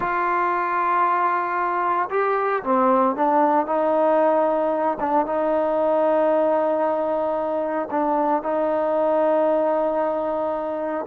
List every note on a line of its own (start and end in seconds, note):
0.00 2.09 F4
2.10 2.62 G4
2.63 3.16 C4
3.16 3.66 D4
3.66 4.98 D#4
5.00 5.25 D4
5.25 7.89 D#4
7.90 8.42 D4
8.42 11.06 D#4